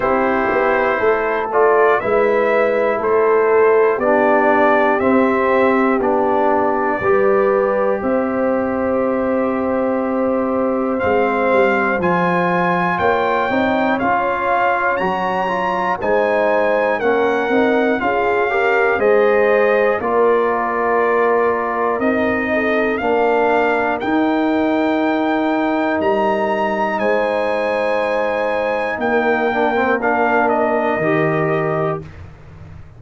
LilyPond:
<<
  \new Staff \with { instrumentName = "trumpet" } { \time 4/4 \tempo 4 = 60 c''4. d''8 e''4 c''4 | d''4 e''4 d''2 | e''2. f''4 | gis''4 g''4 f''4 ais''4 |
gis''4 fis''4 f''4 dis''4 | d''2 dis''4 f''4 | g''2 ais''4 gis''4~ | gis''4 g''4 f''8 dis''4. | }
  \new Staff \with { instrumentName = "horn" } { \time 4/4 g'4 a'4 b'4 a'4 | g'2. b'4 | c''1~ | c''4 cis''2. |
c''4 ais'4 gis'8 ais'8 c''4 | ais'2~ ais'8 a'8 ais'4~ | ais'2. c''4~ | c''4 ais'2. | }
  \new Staff \with { instrumentName = "trombone" } { \time 4/4 e'4. f'8 e'2 | d'4 c'4 d'4 g'4~ | g'2. c'4 | f'4. dis'8 f'4 fis'8 f'8 |
dis'4 cis'8 dis'8 f'8 g'8 gis'4 | f'2 dis'4 d'4 | dis'1~ | dis'4. d'16 c'16 d'4 g'4 | }
  \new Staff \with { instrumentName = "tuba" } { \time 4/4 c'8 b8 a4 gis4 a4 | b4 c'4 b4 g4 | c'2. gis8 g8 | f4 ais8 c'8 cis'4 fis4 |
gis4 ais8 c'8 cis'4 gis4 | ais2 c'4 ais4 | dis'2 g4 gis4~ | gis4 ais2 dis4 | }
>>